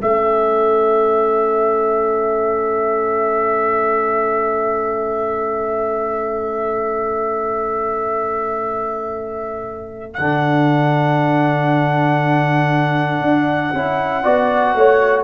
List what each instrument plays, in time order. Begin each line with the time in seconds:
0.00 tuba A3, trombone C#4, horn A4, trumpet E5
10.14 tuba D3, trombone D4, trumpet F#5
13.21 tuba D4
13.74 tuba C#4, trombone E4
14.23 tuba B3, trombone F#4, horn D5
14.74 tuba A3, horn C#5